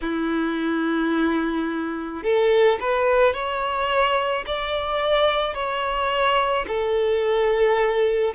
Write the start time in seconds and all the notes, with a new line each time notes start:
0.01 E4
2.23 A4
2.80 B4
3.33 C#5
4.46 D5
5.54 C#5
6.67 A4